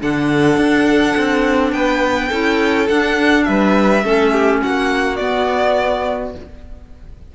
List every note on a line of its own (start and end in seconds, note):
0.00 0.57 D3
0.00 2.31 D4
0.00 1.74 A4
0.00 1.73 F#5
0.57 1.15 D4
1.17 1.73 C4
1.73 2.30 B3
1.73 2.30 B4
1.73 2.88 G5
2.30 2.90 C#4
2.30 2.89 E4
2.30 3.45 A4
2.89 4.03 D4
2.89 3.48 D4
2.89 3.44 F#5
3.44 4.04 G3
3.44 4.05 B4
3.44 4.59 E5
4.03 4.62 A3
4.03 5.18 C#4
4.03 4.33 A4
4.33 4.62 G4
4.63 5.20 A#3
4.63 6.36 F#4
4.63 5.16 F#5
5.16 6.34 B3
5.16 6.35 B3
5.16 6.32 D5